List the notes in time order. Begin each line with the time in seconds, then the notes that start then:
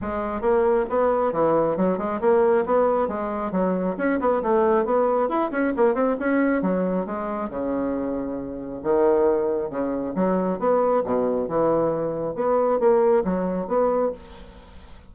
0.01 G#3
0.41 A#3
0.89 B3
1.32 E3
1.76 F#3
1.98 G#3
2.20 A#3
2.65 B3
3.08 G#3
3.51 F#3
3.97 C#4
4.20 B3
4.42 A3
4.85 B3
5.28 E4
5.51 C#4
5.76 A#3
5.94 C4
6.19 C#4
6.62 F#3
7.06 G#3
7.49 C#3
8.83 D#3
9.69 C#3
10.15 F#3
10.59 B3
11.04 B2
11.48 E3
12.35 B3
12.79 A#3
13.24 F#3
13.67 B3